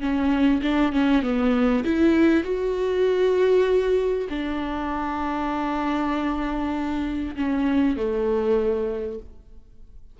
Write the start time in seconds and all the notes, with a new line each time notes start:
0.00 C#4
0.62 D4
0.92 C#4
1.22 B3
1.84 E4
2.44 F#4
4.29 D4
7.36 C#4
7.96 A3